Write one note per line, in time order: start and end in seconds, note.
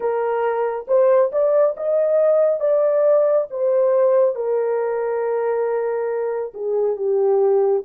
0.00 0.85 A#4
0.87 1.31 C5
1.32 1.75 D5
1.76 2.60 D#5
2.60 3.47 D5
3.50 4.35 C5
4.35 6.52 A#4
6.54 6.96 G#4
6.96 7.83 G4